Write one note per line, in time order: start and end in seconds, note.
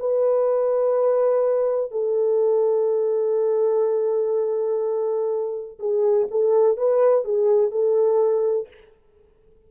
0.00 1.92 B4
1.92 5.79 A4
5.80 6.28 G#4
6.31 6.78 A4
6.78 7.25 B4
7.25 7.72 G#4
7.72 8.69 A4